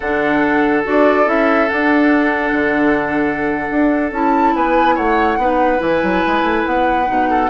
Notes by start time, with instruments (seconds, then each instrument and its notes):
0.00 bassoon D3, clarinet D4, oboe A4, flute F#5
0.84 bassoon D4, clarinet F#4, flute D5
1.25 bassoon C#4, clarinet E4, flute E5
1.68 clarinet D4, bassoon D4, flute F#5
2.52 bassoon D3
3.70 bassoon D4
4.11 bassoon C#4, clarinet E4, flute A5
4.55 bassoon B3, oboe B4, flute G#5
4.95 bassoon A3, oboe C#5, flute F#5
5.37 bassoon B3, clarinet D#4, oboe B4
5.78 bassoon E3, clarinet E4, flute G#5
6.02 bassoon F#3
6.26 bassoon G#3
6.42 bassoon A3
6.65 bassoon B3, flute F#5
7.06 bassoon B2, clarinet D#4
7.30 oboe A4